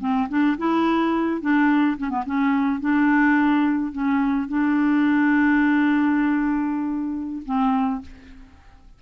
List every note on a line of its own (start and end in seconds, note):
0.00 0.28 C4
0.29 0.57 D4
0.58 1.41 E4
1.41 1.97 D4
1.98 2.10 C#4
2.10 2.24 B3
2.26 2.80 C#4
2.80 3.92 D4
3.92 4.48 C#4
4.48 7.43 D4
7.45 8.01 C4